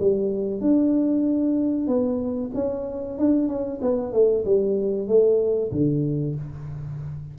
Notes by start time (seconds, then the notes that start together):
0.00 G3
0.61 D4
1.87 B3
2.55 C#4
3.19 D4
3.48 C#4
3.82 B3
4.13 A3
4.45 G3
5.08 A3
5.72 D3